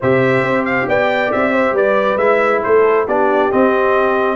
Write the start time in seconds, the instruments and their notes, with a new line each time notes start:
0.00 tuba C3, trombone G4, horn C5, trumpet E5
0.42 tuba C4
0.65 trumpet F5
0.87 tuba B3, horn D5, trumpet G5
1.32 tuba C4, trumpet E5
1.53 horn C5
1.72 tuba G3, horn B4, trumpet D5
2.16 tuba G#3, trombone E4, trumpet E5
2.63 tuba A3, horn A4, trumpet C5
3.05 tuba B3, trombone D4, horn G4, trumpet D5
3.51 trombone C4, tuba C4, trumpet D#5